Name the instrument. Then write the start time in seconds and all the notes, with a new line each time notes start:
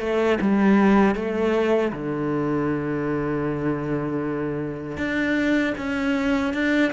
cello
0.00 A3
0.41 G3
1.15 A3
1.93 D3
4.97 D4
5.78 C#4
6.54 D4